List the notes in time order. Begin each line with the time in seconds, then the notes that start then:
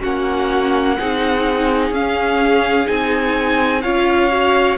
0.00 A#3 C#4 F#4 F#5
0.98 C4 D#4 G#4
1.90 C#4 F5
2.85 C4 D#4 G#5
3.81 C#4 F4 C#5 F5
4.30 F#4